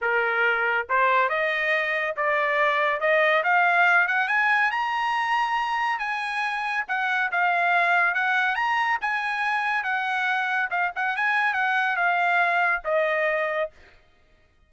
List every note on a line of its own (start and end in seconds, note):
0.01 0.87 A#4
0.89 1.29 C5
1.29 2.14 D#5
2.16 3.00 D5
3.00 3.43 D#5
3.43 4.07 F5
4.07 4.28 F#5
4.28 4.71 G#5
4.71 5.98 A#5
5.98 6.84 G#5
6.87 7.30 F#5
7.31 8.14 F5
8.14 8.55 F#5
8.55 8.98 A#5
9.01 9.83 G#5
9.83 10.69 F#5
10.70 10.91 F5
10.95 11.16 F#5
11.16 11.53 G#5
11.53 11.96 F#5
11.96 12.82 F5
12.84 13.70 D#5